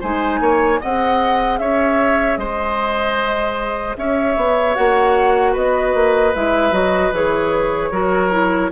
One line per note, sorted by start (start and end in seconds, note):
0.00 0.40 G#3
0.00 0.80 D#4
0.00 0.39 C5
0.00 0.81 G#5
0.40 0.79 A#3
0.40 0.80 C#5
0.80 1.60 C4
0.80 4.75 G#4
0.80 1.59 D#5
0.80 1.58 F#5
1.58 2.37 C#4
1.58 2.39 C#5
1.58 2.37 E5
2.37 3.95 G#3
2.37 3.97 C5
2.37 3.95 D#5
3.97 4.37 C#4
3.97 5.52 C#5
3.97 4.75 E5
4.37 4.76 B3
4.75 5.55 A#3
4.75 6.33 F#4
4.75 5.54 F#5
5.52 5.94 B3
5.52 7.89 B4
5.52 6.35 D#5
5.94 6.34 A#3
6.35 6.72 G#3
6.35 6.72 E4
6.35 6.74 E5
6.72 7.11 F#3
6.72 7.12 F#4
6.72 7.13 D#5
7.12 7.91 E3
7.12 7.92 G#4
7.12 8.71 C#5
7.91 8.70 F#3
7.91 8.31 F#4
7.91 8.71 A#4
8.31 8.71 E4